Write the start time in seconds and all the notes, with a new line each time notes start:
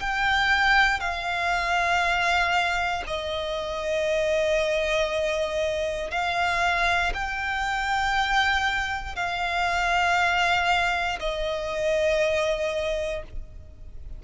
0.00 G5
1.00 F5
3.06 D#5
6.11 F5
7.14 G5
9.16 F5
11.19 D#5